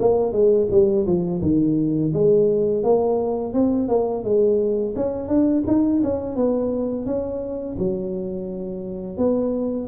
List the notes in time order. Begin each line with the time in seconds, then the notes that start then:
0.00 A#3
0.32 G#3
0.71 G3
1.07 F3
1.42 D#3
2.14 G#3
2.84 A#3
3.54 C4
3.89 A#3
4.24 G#3
4.96 C#4
5.28 D4
5.67 D#4
6.04 C#4
6.36 B3
7.06 C#4
7.79 F#3
9.18 B3